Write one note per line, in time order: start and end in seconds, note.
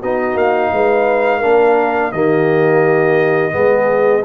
0.00 0.35 B3
0.00 1.42 D#4
0.00 0.71 F#4
0.00 0.37 D#5
0.35 0.70 A#3
0.35 2.12 F5
0.73 1.43 G#3
0.73 1.38 B4
1.38 2.12 A#3
1.38 2.13 D4
1.38 2.09 A#4
2.12 3.53 D#3
2.12 3.52 A#3
2.12 3.54 G4
2.12 4.24 D#5
3.52 4.24 G#3
3.52 4.22 B3
3.52 4.25 G#4